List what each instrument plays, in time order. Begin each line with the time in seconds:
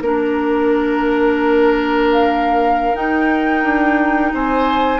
0.00 bassoon A#3, clarinet D4, flute A#4, oboe A#4
2.12 flute F5
2.94 clarinet D#4, bassoon D#4, flute G5
3.63 bassoon D4
4.33 bassoon C4, oboe C5, flute G#5